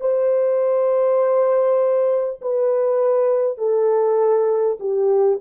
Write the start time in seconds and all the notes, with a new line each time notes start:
0.00 C5
2.42 B4
3.58 A4
4.79 G4